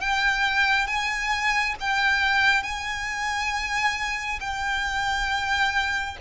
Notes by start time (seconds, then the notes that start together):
0.00 G5
0.87 G#5
1.80 G5
2.63 G#5
4.40 G5